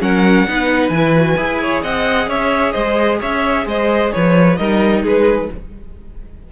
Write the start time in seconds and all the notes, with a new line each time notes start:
0.00 F#3 C#4 A#4 F#5
0.48 B3 D#4 B4
0.89 E3 G#5
0.96 E4
1.16 F#4
1.37 E4 G#4
1.62 C#5
1.83 C4 D#5 F#5
2.27 C#4 C#5 E5
2.72 G#3 C5 D#5
3.20 C#4 C#5 E5
3.66 G#3 C5 D#5
4.12 F3 B4 C#5
4.56 G3 D#4 A#4 D#5
5.03 G#3 G#4 B4